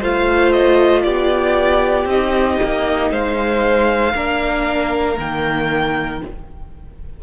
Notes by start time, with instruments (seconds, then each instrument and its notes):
0.00 cello A3, viola F4, violin C5 F5
0.53 violin D#5
1.03 cello B3, violin G4 D5
2.06 cello C4, viola D#4, violin D#5
2.63 cello A#3
3.11 cello G#3, violin C5 F5
4.15 cello A#3, viola D4, violin A#4
5.17 cello D#3, viola A#3, violin G5